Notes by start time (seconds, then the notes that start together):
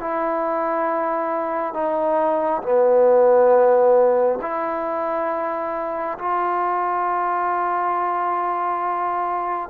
0.00 E4
1.74 D#4
2.63 B3
4.42 E4
6.18 F4